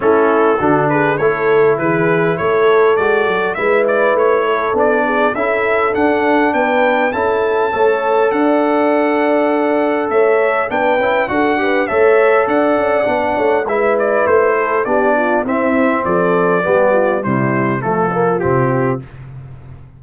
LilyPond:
<<
  \new Staff \with { instrumentName = "trumpet" } { \time 4/4 \tempo 4 = 101 a'4. b'8 cis''4 b'4 | cis''4 d''4 e''8 d''8 cis''4 | d''4 e''4 fis''4 g''4 | a''2 fis''2~ |
fis''4 e''4 g''4 fis''4 | e''4 fis''2 e''8 d''8 | c''4 d''4 e''4 d''4~ | d''4 c''4 a'4 g'4 | }
  \new Staff \with { instrumentName = "horn" } { \time 4/4 e'4 fis'8 gis'8 a'4 gis'4 | a'2 b'4. a'8~ | a'8 gis'8 a'2 b'4 | a'4 cis''4 d''2~ |
d''4 cis''4 b'4 a'8 b'8 | cis''4 d''4. cis''8 b'4~ | b'8 a'8 g'8 f'8 e'4 a'4 | g'8 f'8 e'4 f'2 | }
  \new Staff \with { instrumentName = "trombone" } { \time 4/4 cis'4 d'4 e'2~ | e'4 fis'4 e'2 | d'4 e'4 d'2 | e'4 a'2.~ |
a'2 d'8 e'8 fis'8 g'8 | a'2 d'4 e'4~ | e'4 d'4 c'2 | b4 g4 a8 ais8 c'4 | }
  \new Staff \with { instrumentName = "tuba" } { \time 4/4 a4 d4 a4 e4 | a4 gis8 fis8 gis4 a4 | b4 cis'4 d'4 b4 | cis'4 a4 d'2~ |
d'4 a4 b8 cis'8 d'4 | a4 d'8 cis'8 b8 a8 gis4 | a4 b4 c'4 f4 | g4 c4 f4 c4 | }
>>